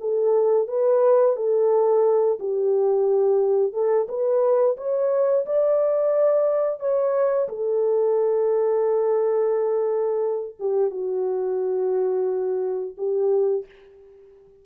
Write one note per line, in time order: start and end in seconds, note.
0.00 0.68 A4
0.68 1.36 B4
1.36 2.39 A4
2.40 3.73 G4
3.73 4.07 A4
4.09 4.77 B4
4.77 5.45 C#5
5.46 6.80 D5
6.80 7.48 C#5
7.49 10.56 A4
10.60 10.91 G4
10.91 12.95 F#4
12.97 13.65 G4